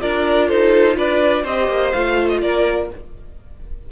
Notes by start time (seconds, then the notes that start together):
0.00 D4 F4 A#4 D5
0.49 D#4 A4 C5
0.97 D4 B4 D5
1.43 C4 G4 C5 D#5
1.69 A#3
1.92 A3 F4 F5
2.29 D#5
2.41 A#3 A#4 D5